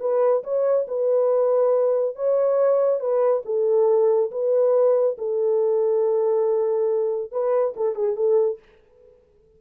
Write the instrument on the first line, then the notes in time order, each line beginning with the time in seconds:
horn
0.00 B4
0.44 C#5
0.87 B4
2.15 C#5
3.00 B4
3.45 A4
4.31 B4
5.18 A4
7.31 B4
7.76 A4
7.95 G#4
8.16 A4